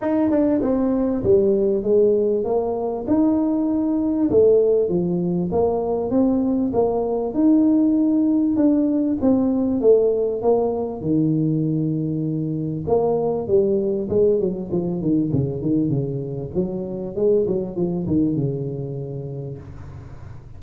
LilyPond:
\new Staff \with { instrumentName = "tuba" } { \time 4/4 \tempo 4 = 98 dis'8 d'8 c'4 g4 gis4 | ais4 dis'2 a4 | f4 ais4 c'4 ais4 | dis'2 d'4 c'4 |
a4 ais4 dis2~ | dis4 ais4 g4 gis8 fis8 | f8 dis8 cis8 dis8 cis4 fis4 | gis8 fis8 f8 dis8 cis2 | }